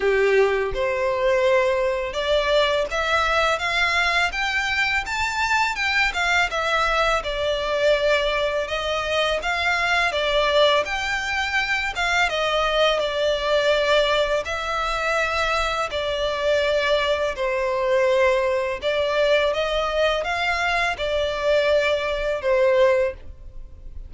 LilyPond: \new Staff \with { instrumentName = "violin" } { \time 4/4 \tempo 4 = 83 g'4 c''2 d''4 | e''4 f''4 g''4 a''4 | g''8 f''8 e''4 d''2 | dis''4 f''4 d''4 g''4~ |
g''8 f''8 dis''4 d''2 | e''2 d''2 | c''2 d''4 dis''4 | f''4 d''2 c''4 | }